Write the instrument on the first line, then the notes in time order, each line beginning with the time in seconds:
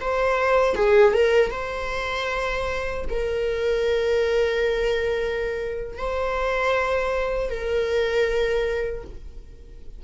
viola
0.00 C5
0.75 G#4
1.14 A#4
1.51 C5
3.09 A#4
5.98 C5
7.50 A#4